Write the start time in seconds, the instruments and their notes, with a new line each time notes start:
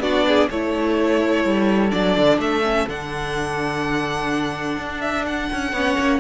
0.00 cello B3, viola D4, violin F#4 D5
0.28 violin G#4
0.50 cello A3, viola E4, violin A4 C#5
1.45 cello G3
1.90 cello F#3, viola D4, violin D5
2.18 cello D3
2.38 cello A3, violin E5
2.63 viola C#4
2.88 cello D3, viola D4, violin F#5
4.77 cello D4
5.01 violin E5
5.27 violin F#5
5.52 cello C#4
5.73 cello B3, viola C#4, violin C#5
5.99 cello A#3